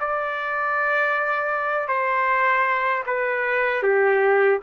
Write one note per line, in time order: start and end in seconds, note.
0.00 1.88 D5
1.88 3.04 C5
3.07 3.83 B4
3.83 4.60 G4